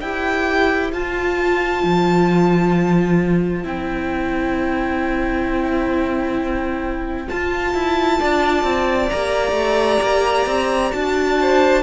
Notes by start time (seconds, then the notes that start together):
0.00 E4 G4 C5 G5
0.92 F4 A5
1.83 F3
3.63 C4 E4 G5
7.28 F4 A5
7.74 E4
8.19 D4 D5
8.63 C4
9.10 A#3 G4 A#5
9.52 A3
10.02 A#3
10.46 C4
10.92 D4 F#4 A5
11.40 C5